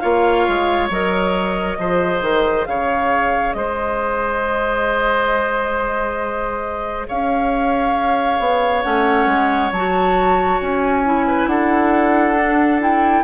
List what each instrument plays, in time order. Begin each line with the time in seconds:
0.00 bassoon A#3, clarinet F4, oboe C#5, flute F5
0.48 bassoon G#3
0.90 bassoon F#3, clarinet A#4, flute D#5
1.78 bassoon F3, clarinet G#4, oboe C5
2.22 bassoon D#3
2.66 bassoon C#3, oboe C#5, flute F5
3.53 bassoon G#3, oboe C5, flute D#5
7.08 bassoon C#4, oboe C#5, flute F5
8.40 bassoon B3
8.83 bassoon A3, clarinet C#4, flute F#5
9.26 bassoon G#3
9.72 bassoon F#3, clarinet F#4, flute A5
10.61 bassoon C#4, flute G#5
11.06 clarinet E4
11.27 oboe B4
11.47 bassoon D4, oboe A4, flute F#5
12.38 clarinet D4
12.80 clarinet E4, flute G5